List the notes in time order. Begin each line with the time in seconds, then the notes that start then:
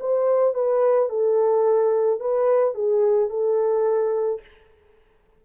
0.00 C5
0.54 B4
1.09 A4
2.20 B4
2.75 G#4
3.30 A4